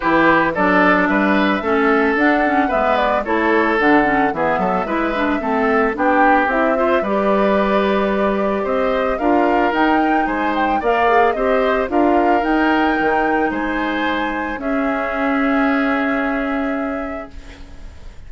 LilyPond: <<
  \new Staff \with { instrumentName = "flute" } { \time 4/4 \tempo 4 = 111 b'4 d''4 e''2 | fis''4 e''8 d''8 cis''4 fis''4 | e''2. g''4 | e''4 d''2. |
dis''4 f''4 g''4 gis''8 g''8 | f''4 dis''4 f''4 g''4~ | g''4 gis''2 e''4~ | e''1 | }
  \new Staff \with { instrumentName = "oboe" } { \time 4/4 g'4 a'4 b'4 a'4~ | a'4 b'4 a'2 | gis'8 a'8 b'4 a'4 g'4~ | g'8 c''8 b'2. |
c''4 ais'2 c''4 | d''4 c''4 ais'2~ | ais'4 c''2 gis'4~ | gis'1 | }
  \new Staff \with { instrumentName = "clarinet" } { \time 4/4 e'4 d'2 cis'4 | d'8 cis'8 b4 e'4 d'8 cis'8 | b4 e'8 d'8 c'4 d'4 | e'8 f'8 g'2.~ |
g'4 f'4 dis'2 | ais'8 gis'8 g'4 f'4 dis'4~ | dis'2. cis'4~ | cis'1 | }
  \new Staff \with { instrumentName = "bassoon" } { \time 4/4 e4 fis4 g4 a4 | d'4 gis4 a4 d4 | e8 fis8 gis4 a4 b4 | c'4 g2. |
c'4 d'4 dis'4 gis4 | ais4 c'4 d'4 dis'4 | dis4 gis2 cis'4~ | cis'1 | }
>>